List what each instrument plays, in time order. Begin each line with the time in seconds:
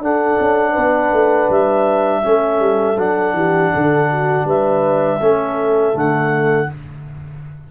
0.00 tuba D4, trombone D4, horn A4, clarinet F#5
0.39 tuba C#4
0.71 tuba B3, horn B4
1.12 tuba A3
1.49 tuba G3, clarinet E5
2.23 tuba A3, trombone C#4, horn A4
2.60 tuba G3
2.97 tuba F#3, trombone D4, clarinet F#5
3.33 tuba E3, horn G4
3.73 tuba D3, horn A4
4.11 horn F#4
4.45 tuba G3, horn B4, clarinet E5
5.20 tuba A3, trombone C#4, horn A4
5.93 tuba D3, trombone A3, clarinet F#5